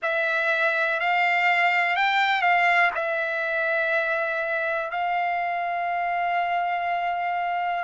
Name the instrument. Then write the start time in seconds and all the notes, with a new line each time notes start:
trumpet
0.02 E5
1.00 F5
1.95 G5
2.41 F5
2.94 E5
4.90 F5